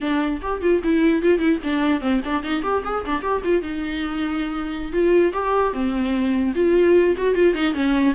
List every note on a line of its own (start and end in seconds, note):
0.00 0.40 D4
0.41 0.61 G4
0.61 0.81 F4
0.83 1.22 E4
1.22 1.38 F4
1.38 1.59 E4
1.63 2.01 D4
2.01 2.21 C4
2.25 2.43 D4
2.43 2.63 D#4
2.63 2.83 G4
2.84 3.04 G#4
3.05 3.22 D4
3.22 3.42 G4
3.44 3.61 F4
3.61 4.92 D#4
4.92 5.32 F4
5.33 5.73 G4
5.73 6.53 C4
6.55 7.15 F4
7.17 7.34 F#4
7.34 7.54 F4
7.54 7.74 D#4
7.74 8.14 C#4